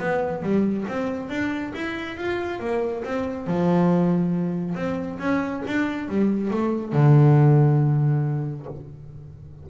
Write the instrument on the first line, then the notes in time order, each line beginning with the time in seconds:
double bass
0.00 B3
0.43 G3
0.89 C4
1.30 D4
1.75 E4
2.18 F4
2.60 A#3
3.05 C4
3.47 F3
4.75 C4
5.19 C#4
5.67 D4
6.09 G3
6.51 A3
6.93 D3